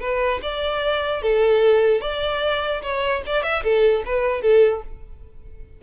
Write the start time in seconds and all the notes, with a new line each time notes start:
0.00 B4
0.42 D5
1.22 A4
2.01 D5
2.82 C#5
3.26 D5
3.43 E5
3.63 A4
4.05 B4
4.41 A4